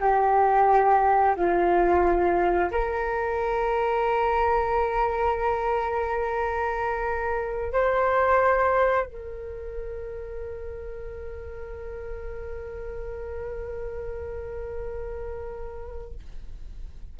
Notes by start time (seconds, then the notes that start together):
0.00 G4
1.36 F4
2.71 A#4
7.73 C5
9.06 A#4